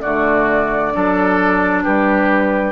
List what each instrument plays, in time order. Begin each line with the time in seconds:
0.00 bassoon D3, clarinet A3, oboe F#4, flute D5
0.92 bassoon F#3, clarinet D4, oboe A4
1.83 bassoon G3, oboe G4, flute B4